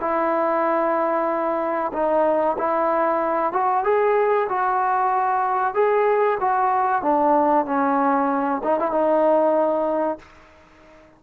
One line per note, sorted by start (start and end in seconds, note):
0.00 1.91 E4
1.93 2.57 D#4
2.58 3.53 E4
3.53 3.84 F#4
3.84 4.48 G#4
4.49 5.74 F#4
5.74 6.38 G#4
6.40 7.02 F#4
7.02 7.65 D4
7.65 8.61 C#4
8.63 8.79 D#4
8.79 8.91 E4
8.91 10.19 D#4